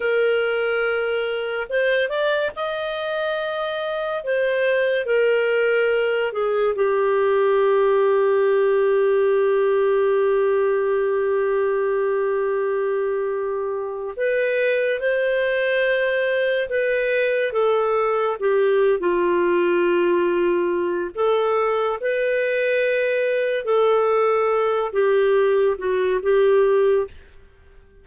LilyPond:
\new Staff \with { instrumentName = "clarinet" } { \time 4/4 \tempo 4 = 71 ais'2 c''8 d''8 dis''4~ | dis''4 c''4 ais'4. gis'8 | g'1~ | g'1~ |
g'8. b'4 c''2 b'16~ | b'8. a'4 g'8. f'4.~ | f'4 a'4 b'2 | a'4. g'4 fis'8 g'4 | }